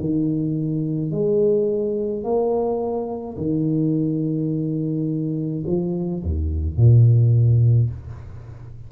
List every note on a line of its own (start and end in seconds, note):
0.00 1.11 D#3
1.11 2.23 G#3
2.23 3.37 A#3
3.37 5.63 D#3
5.66 6.23 F3
6.23 6.77 D#2
6.77 7.90 A#2